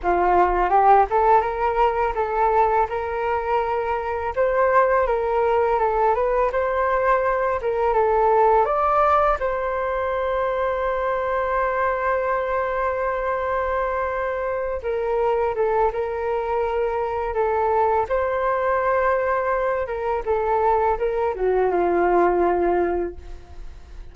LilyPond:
\new Staff \with { instrumentName = "flute" } { \time 4/4 \tempo 4 = 83 f'4 g'8 a'8 ais'4 a'4 | ais'2 c''4 ais'4 | a'8 b'8 c''4. ais'8 a'4 | d''4 c''2.~ |
c''1~ | c''8 ais'4 a'8 ais'2 | a'4 c''2~ c''8 ais'8 | a'4 ais'8 fis'8 f'2 | }